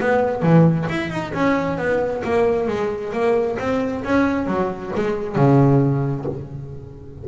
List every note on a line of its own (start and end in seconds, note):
0.00 0.43 B3
0.43 0.87 E3
0.90 1.11 E4
1.11 1.33 D#4
1.34 1.78 C#4
1.78 2.23 B3
2.25 2.68 A#3
2.68 3.13 G#3
3.13 3.58 A#3
3.60 4.04 C4
4.04 4.47 C#4
4.47 4.92 F#3
4.96 5.36 G#3
5.36 6.26 C#3